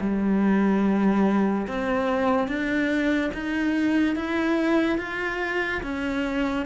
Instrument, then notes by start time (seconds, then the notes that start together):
cello
0.00 G3
1.67 C4
2.47 D4
3.33 D#4
4.16 E4
4.98 F4
5.82 C#4